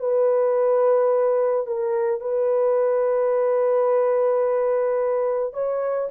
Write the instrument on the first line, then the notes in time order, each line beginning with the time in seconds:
horn
0.00 B4
1.67 A#4
2.21 B4
5.54 C#5